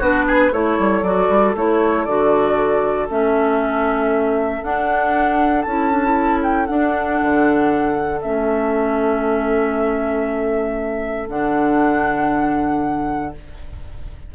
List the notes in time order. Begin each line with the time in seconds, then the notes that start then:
0.00 B3 D4 F#4 B4
0.28 G#4
0.52 A3 E4 A4 C#5
0.80 G3
1.03 F#3 F#4 D5
1.29 G3
1.56 A3 E4 C#5
2.05 D3 F#4 D5
3.09 A3 C#4 E5
4.63 D4 F#5
5.63 C#4 E4 A5
5.92 D4
6.05 E4
6.43 G5
6.67 D4 F#5
7.22 D3
8.22 A3 C#4 E5
11.29 D3 D4 F#5